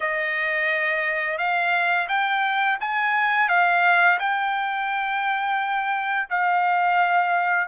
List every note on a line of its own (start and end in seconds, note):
0.00 1.38 D#5
1.38 2.07 F5
2.08 2.78 G5
2.80 3.49 G#5
3.49 4.18 F5
4.19 6.28 G5
6.29 7.67 F5